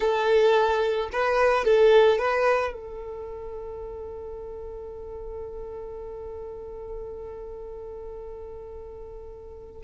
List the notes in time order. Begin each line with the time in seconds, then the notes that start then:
0.00 A4
1.12 B4
1.65 A4
2.18 B4
2.73 A4